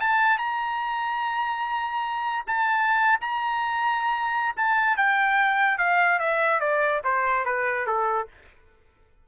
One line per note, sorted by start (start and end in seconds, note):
0.00 0.38 A5
0.38 2.45 A#5
2.47 3.19 A5
3.21 4.55 A#5
4.56 4.97 A5
4.97 5.78 G5
5.78 6.19 F5
6.19 6.60 E5
6.60 7.02 D5
7.04 7.45 C5
7.45 7.86 B4
7.86 8.28 A4